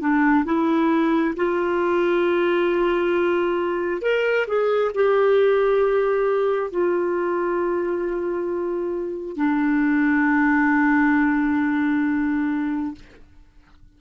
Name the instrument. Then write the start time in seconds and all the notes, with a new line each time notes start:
clarinet
0.00 D4
0.45 E4
1.36 F4
4.01 A#4
4.47 G#4
4.94 G4
6.71 F4
9.37 D4